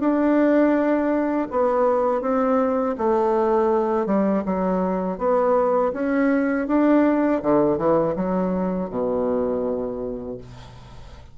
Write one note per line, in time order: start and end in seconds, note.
0.00 1.48 D4
1.51 2.22 B3
2.22 2.96 C4
2.98 4.06 A3
4.06 4.43 G3
4.45 5.19 F#3
5.19 5.93 B3
5.94 6.68 C#4
6.68 7.42 D4
7.42 7.78 D3
7.78 8.15 E3
8.16 8.90 F#3
8.90 10.38 B2